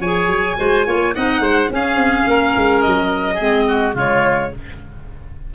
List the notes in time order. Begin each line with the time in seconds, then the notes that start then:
0.00 F3 G#4 C#5 G#5
0.27 F#3
0.57 G#3 F#4 C5
0.85 A#3 F4 C#5
1.14 C4 D#4 D#5 F#5
1.39 G#3 C5
1.69 C#4 G#4
1.75 F5
1.95 C4
2.27 A#3 A#4
2.56 G#3
2.81 F#3 D#5
3.34 G#3 C4 G#4
3.68 F#4
3.94 C#3 G#3 F4 C#5